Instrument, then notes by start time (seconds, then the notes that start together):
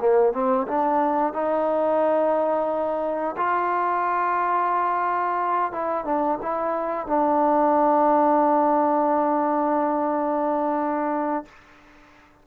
trombone
0.00 A#3
0.33 C4
0.68 D4
1.34 D#4
3.37 F4
5.72 E4
6.05 D4
6.43 E4
7.07 D4